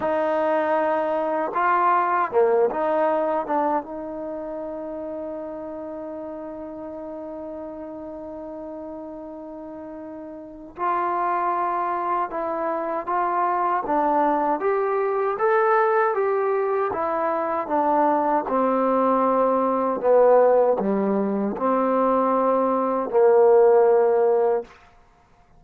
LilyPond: \new Staff \with { instrumentName = "trombone" } { \time 4/4 \tempo 4 = 78 dis'2 f'4 ais8 dis'8~ | dis'8 d'8 dis'2.~ | dis'1~ | dis'2 f'2 |
e'4 f'4 d'4 g'4 | a'4 g'4 e'4 d'4 | c'2 b4 g4 | c'2 ais2 | }